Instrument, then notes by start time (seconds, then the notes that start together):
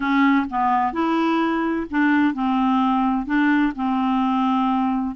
clarinet
0.00 C#4
0.50 B3
0.92 E4
1.90 D4
2.34 C4
3.26 D4
3.75 C4